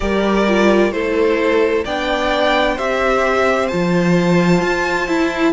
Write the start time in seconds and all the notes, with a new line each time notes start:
0.00 G3 G4 A#4 D5
0.47 F4
0.92 A3 E4 A4 C5
1.84 B3 D4 D5 G5
2.74 C4 G4 C5 E5
3.68 F3 F4 A5
4.61 F4
5.07 E4